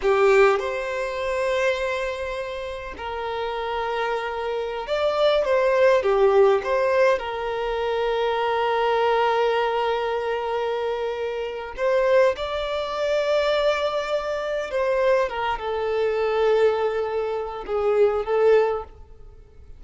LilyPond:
\new Staff \with { instrumentName = "violin" } { \time 4/4 \tempo 4 = 102 g'4 c''2.~ | c''4 ais'2.~ | ais'16 d''4 c''4 g'4 c''8.~ | c''16 ais'2.~ ais'8.~ |
ais'1 | c''4 d''2.~ | d''4 c''4 ais'8 a'4.~ | a'2 gis'4 a'4 | }